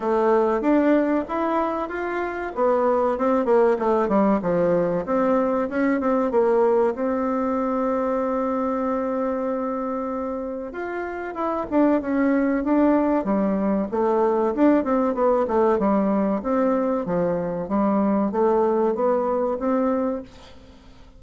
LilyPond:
\new Staff \with { instrumentName = "bassoon" } { \time 4/4 \tempo 4 = 95 a4 d'4 e'4 f'4 | b4 c'8 ais8 a8 g8 f4 | c'4 cis'8 c'8 ais4 c'4~ | c'1~ |
c'4 f'4 e'8 d'8 cis'4 | d'4 g4 a4 d'8 c'8 | b8 a8 g4 c'4 f4 | g4 a4 b4 c'4 | }